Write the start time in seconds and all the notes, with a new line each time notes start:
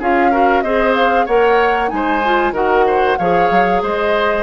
0.00 C#4 F4 G#4 F5
0.32 F#4 A#4
0.62 C4 G#4 C5 D#5
0.95 F5
1.26 A#3 A#4 C#5 F#5
1.88 G#3 D#4 G#5
1.95 C5
2.25 F4
2.53 D#3 F#4 A#4 F#5
2.87 C5
3.18 F3 G#4 C#5 F5
3.51 F#3
3.83 G#3 C5 D#5